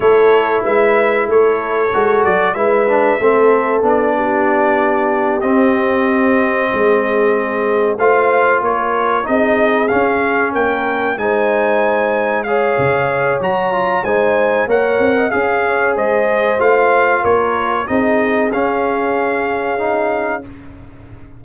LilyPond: <<
  \new Staff \with { instrumentName = "trumpet" } { \time 4/4 \tempo 4 = 94 cis''4 e''4 cis''4. d''8 | e''2 d''2~ | d''8 dis''2.~ dis''8~ | dis''8 f''4 cis''4 dis''4 f''8~ |
f''8 g''4 gis''2 f''8~ | f''4 ais''4 gis''4 fis''4 | f''4 dis''4 f''4 cis''4 | dis''4 f''2. | }
  \new Staff \with { instrumentName = "horn" } { \time 4/4 a'4 b'4 a'2 | b'4 a'4. g'4.~ | g'2~ g'8 gis'4.~ | gis'8 c''4 ais'4 gis'4.~ |
gis'8 ais'4 c''2 cis''8~ | cis''2 c''4 cis''8. dis''16 | f''8 cis''8 c''2 ais'4 | gis'1 | }
  \new Staff \with { instrumentName = "trombone" } { \time 4/4 e'2. fis'4 | e'8 d'8 c'4 d'2~ | d'8 c'2.~ c'8~ | c'8 f'2 dis'4 cis'8~ |
cis'4. dis'2 gis'8~ | gis'4 fis'8 f'8 dis'4 ais'4 | gis'2 f'2 | dis'4 cis'2 dis'4 | }
  \new Staff \with { instrumentName = "tuba" } { \time 4/4 a4 gis4 a4 gis8 fis8 | gis4 a4 b2~ | b8 c'2 gis4.~ | gis8 a4 ais4 c'4 cis'8~ |
cis'8 ais4 gis2~ gis8 | cis4 fis4 gis4 ais8 c'8 | cis'4 gis4 a4 ais4 | c'4 cis'2. | }
>>